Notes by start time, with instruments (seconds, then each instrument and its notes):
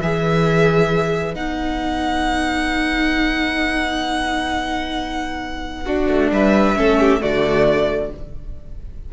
0.00 cello E3, viola G#4, violin B4 E5
1.34 cello B3, viola D#4, violin F#5
5.86 viola D4, violin F#4
6.08 cello A3
6.31 cello G3, violin B4 E5
6.76 cello A3, viola C#4, violin A4
7.00 violin G4
7.20 cello D3, viola A3, violin F#4 D5